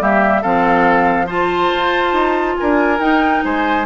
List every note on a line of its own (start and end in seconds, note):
0.00 0.44 G3
0.00 0.43 A#3
0.00 0.42 G4
0.00 0.43 E5
0.42 1.73 F3
0.42 1.28 C4
0.42 1.27 A4
0.42 1.29 F5
1.27 2.99 F4
1.27 2.55 C5
1.27 2.58 A5
1.75 2.13 F4
2.13 2.56 D#4
2.58 3.00 D4
2.58 3.45 A#4
2.58 3.01 G#5
3.00 3.43 D#4
3.00 3.86 D#4
3.00 3.43 G5
3.45 3.86 G#3
3.45 3.86 C5
3.45 3.86 G#5